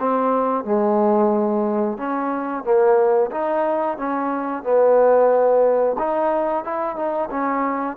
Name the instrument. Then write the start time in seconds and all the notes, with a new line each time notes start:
trombone
0.00 C4
0.65 G#3
1.98 C#4
2.64 A#3
3.32 D#4
3.98 C#4
4.63 B3
5.99 D#4
6.65 E4
6.96 D#4
7.31 C#4